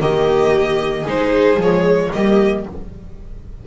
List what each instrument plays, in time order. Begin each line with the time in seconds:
0.00 double bass D#3, viola A#3 G4, violin D#5
1.03 double bass G#3, viola D#4 G#4
1.09 violin C5
1.56 double bass F3, viola G#3
1.63 violin C#5
2.13 double bass G3, viola A#3 G4, violin D#5